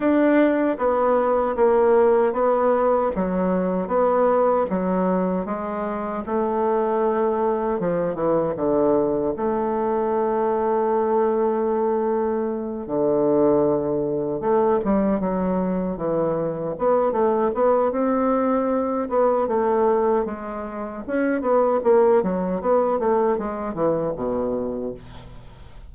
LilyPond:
\new Staff \with { instrumentName = "bassoon" } { \time 4/4 \tempo 4 = 77 d'4 b4 ais4 b4 | fis4 b4 fis4 gis4 | a2 f8 e8 d4 | a1~ |
a8 d2 a8 g8 fis8~ | fis8 e4 b8 a8 b8 c'4~ | c'8 b8 a4 gis4 cis'8 b8 | ais8 fis8 b8 a8 gis8 e8 b,4 | }